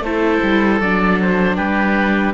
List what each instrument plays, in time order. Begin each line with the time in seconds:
0.00 cello A3, viola E4, oboe A4 C5
0.43 cello G3
0.81 cello F#3, viola D4, oboe D5
1.21 oboe C5
1.56 cello G3, oboe G4 B4